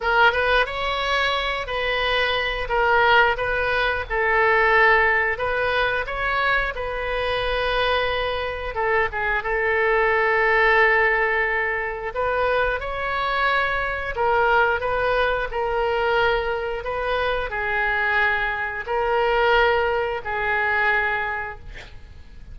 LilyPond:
\new Staff \with { instrumentName = "oboe" } { \time 4/4 \tempo 4 = 89 ais'8 b'8 cis''4. b'4. | ais'4 b'4 a'2 | b'4 cis''4 b'2~ | b'4 a'8 gis'8 a'2~ |
a'2 b'4 cis''4~ | cis''4 ais'4 b'4 ais'4~ | ais'4 b'4 gis'2 | ais'2 gis'2 | }